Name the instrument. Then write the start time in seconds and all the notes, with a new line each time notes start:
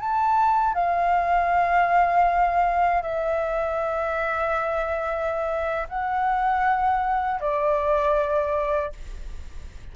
flute
0.00 A5
0.75 F5
3.02 E5
5.89 F#5
7.41 D5